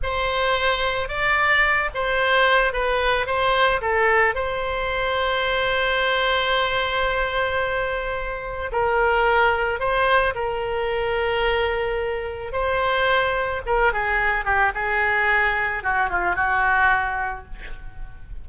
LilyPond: \new Staff \with { instrumentName = "oboe" } { \time 4/4 \tempo 4 = 110 c''2 d''4. c''8~ | c''4 b'4 c''4 a'4 | c''1~ | c''1 |
ais'2 c''4 ais'4~ | ais'2. c''4~ | c''4 ais'8 gis'4 g'8 gis'4~ | gis'4 fis'8 f'8 fis'2 | }